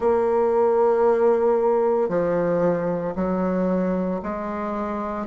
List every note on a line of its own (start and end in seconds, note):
0.00 2.09 A#3
2.09 3.14 F3
3.15 4.21 F#3
4.22 5.26 G#3